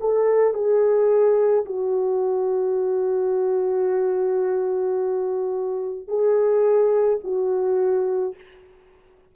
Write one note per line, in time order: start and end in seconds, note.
0.00 0.54 A4
0.54 1.65 G#4
1.65 6.08 F#4
6.08 7.19 G#4
7.24 8.35 F#4